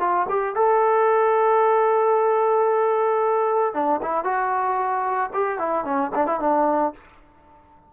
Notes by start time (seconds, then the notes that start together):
0.00 F4
0.29 G4
0.56 A4
3.74 D4
4.02 E4
4.24 F#4
5.34 G4
5.59 E4
5.85 C#4
6.15 D4
6.27 E4
6.40 D4